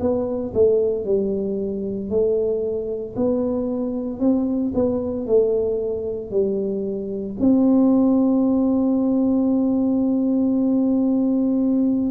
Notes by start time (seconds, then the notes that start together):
0.00 B3
0.54 A3
1.05 G3
2.10 A3
3.16 B3
4.20 C4
4.75 B3
5.26 A3
6.31 G3
7.39 C4